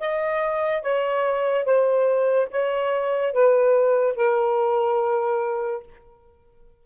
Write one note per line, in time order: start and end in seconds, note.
0.00 0.82 D#5
0.82 1.65 C#5
1.65 2.48 C5
2.51 3.33 C#5
3.33 4.16 B4
4.16 5.83 A#4